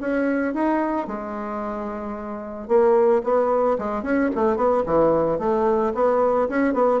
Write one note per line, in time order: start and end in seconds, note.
0.00 0.54 C#4
0.54 1.07 D#4
1.07 2.68 G#3
2.68 3.22 A#3
3.23 3.77 B3
3.78 4.02 G#3
4.02 4.29 C#4
4.35 4.56 A3
4.56 4.83 B3
4.86 5.39 E3
5.39 5.93 A3
5.94 6.48 B3
6.48 6.73 C#4
6.73 7.00 B3